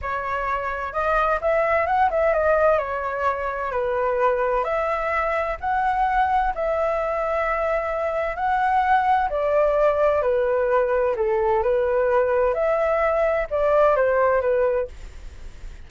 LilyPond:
\new Staff \with { instrumentName = "flute" } { \time 4/4 \tempo 4 = 129 cis''2 dis''4 e''4 | fis''8 e''8 dis''4 cis''2 | b'2 e''2 | fis''2 e''2~ |
e''2 fis''2 | d''2 b'2 | a'4 b'2 e''4~ | e''4 d''4 c''4 b'4 | }